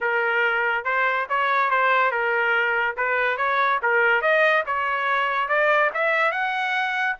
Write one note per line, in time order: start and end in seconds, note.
0.01 0.84 A#4
0.84 1.26 C5
1.29 1.70 C#5
1.70 2.11 C5
2.11 2.95 A#4
2.96 3.37 B4
3.37 3.79 C#5
3.82 4.21 A#4
4.21 4.63 D#5
4.66 5.48 C#5
5.48 5.90 D5
5.94 6.31 E5
6.31 7.16 F#5